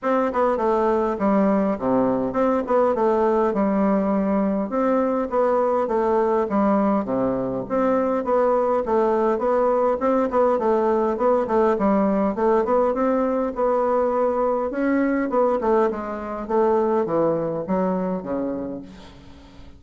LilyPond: \new Staff \with { instrumentName = "bassoon" } { \time 4/4 \tempo 4 = 102 c'8 b8 a4 g4 c4 | c'8 b8 a4 g2 | c'4 b4 a4 g4 | c4 c'4 b4 a4 |
b4 c'8 b8 a4 b8 a8 | g4 a8 b8 c'4 b4~ | b4 cis'4 b8 a8 gis4 | a4 e4 fis4 cis4 | }